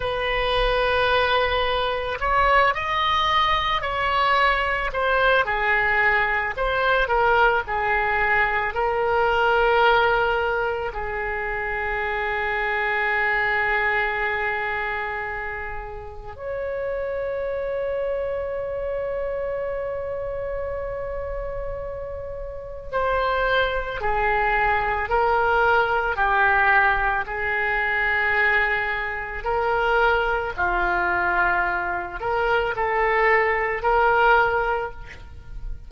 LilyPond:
\new Staff \with { instrumentName = "oboe" } { \time 4/4 \tempo 4 = 55 b'2 cis''8 dis''4 cis''8~ | cis''8 c''8 gis'4 c''8 ais'8 gis'4 | ais'2 gis'2~ | gis'2. cis''4~ |
cis''1~ | cis''4 c''4 gis'4 ais'4 | g'4 gis'2 ais'4 | f'4. ais'8 a'4 ais'4 | }